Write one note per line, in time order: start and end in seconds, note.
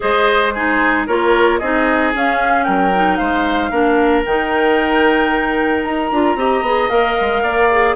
0.00 1.07 G#3
0.00 0.53 G#4
0.00 0.53 C5
0.00 0.51 D#5
0.51 1.08 D#4
0.51 1.07 G#4
0.51 1.04 C5
1.07 1.60 A#3
1.07 1.61 F4
1.07 1.59 A#4
1.07 1.59 C#5
1.59 2.13 C4
1.59 2.13 D#4
1.59 2.65 G#4
1.59 2.12 D#5
2.13 2.93 C#4
2.13 2.67 C#4
2.13 2.63 F5
2.63 3.19 F#3
2.63 3.17 A#4
2.63 3.16 G5
2.93 3.71 D#4
3.16 3.71 G#3
3.16 3.70 C5
3.16 4.22 F5
3.70 4.24 A#3
3.70 4.24 D4
3.70 6.36 A#4
4.25 5.84 D#3
4.25 6.12 D#4
4.25 5.83 G5
5.83 6.10 D#4
5.83 6.89 A#5
6.11 6.35 D4
6.11 6.37 F4
6.35 6.61 C4
6.35 6.64 G4
6.35 7.43 D#5
6.61 6.88 B3
6.61 6.89 G#4
6.89 7.17 A#3
6.89 7.69 A#4
6.89 7.95 F5
7.20 7.42 G#3
7.42 7.95 A#3
7.42 7.96 D5
7.71 7.96 G#4